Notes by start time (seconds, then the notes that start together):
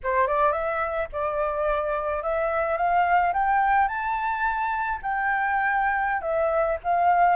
0.03 C5
0.27 D5
0.52 E5
1.12 D5
2.22 E5
2.77 F5
3.33 G5
3.88 A5
5.02 G5
6.21 E5
6.83 F5